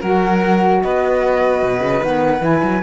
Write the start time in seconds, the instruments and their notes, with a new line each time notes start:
0.00 cello F#3, saxophone F#4, violin A#4, flute F#5
0.82 cello B3, violin B4, flute D#5
1.63 cello B2
1.80 cello C#3
2.02 cello D#3, saxophone B3, flute F#5
2.41 cello E3, saxophone E4, flute G#5
2.62 cello F#3